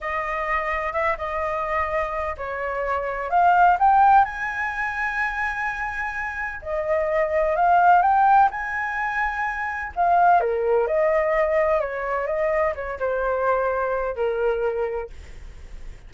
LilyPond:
\new Staff \with { instrumentName = "flute" } { \time 4/4 \tempo 4 = 127 dis''2 e''8 dis''4.~ | dis''4 cis''2 f''4 | g''4 gis''2.~ | gis''2 dis''2 |
f''4 g''4 gis''2~ | gis''4 f''4 ais'4 dis''4~ | dis''4 cis''4 dis''4 cis''8 c''8~ | c''2 ais'2 | }